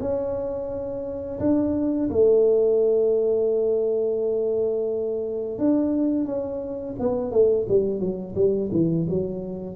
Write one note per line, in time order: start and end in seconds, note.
0.00 1.40 C#4
1.40 2.10 D4
2.10 5.58 A3
5.58 6.25 D4
6.25 6.95 C#4
7.00 7.31 B3
7.31 7.66 A3
7.69 8.00 G3
8.00 8.35 F#3
8.35 8.70 G3
8.72 9.07 E3
9.09 9.75 F#3